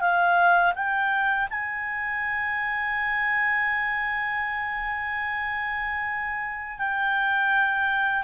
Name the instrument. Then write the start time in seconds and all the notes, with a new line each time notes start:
clarinet
0.00 F5
0.75 G5
1.50 G#5
6.78 G5